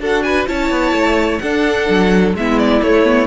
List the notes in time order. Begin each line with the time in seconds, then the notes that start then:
0.00 D4 F#4 A4 F#5
0.23 B4 G#5
0.47 C#4 E4 C#5 A5
0.70 B3
0.92 A3
1.39 D4 A4 F#5
1.89 F#3
2.34 G#3 B3 E4 E5
2.58 D5
2.82 A3 C#5
3.04 B3